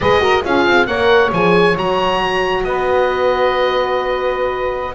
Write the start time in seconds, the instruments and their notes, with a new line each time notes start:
0.00 double bass G#3, horn G#4, saxophone B4, oboe D#5
0.20 horn F#4, saxophone A#4
0.44 double bass C#4, horn F4, saxophone G#4, oboe F5
0.65 double bass C4
0.86 double bass A#3, horn A#4, saxophone C#5, oboe F#5
1.32 double bass F3, horn G#4, oboe G#5
1.76 double bass F#3, horn F#4, oboe A#5
2.63 double bass B3, saxophone B4, oboe D#5